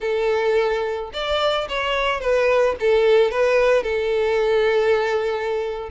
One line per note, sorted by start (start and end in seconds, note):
0.00 1.10 A4
1.13 1.68 D5
1.68 2.20 C#5
2.20 2.75 B4
2.80 3.31 A4
3.31 3.83 B4
3.83 5.89 A4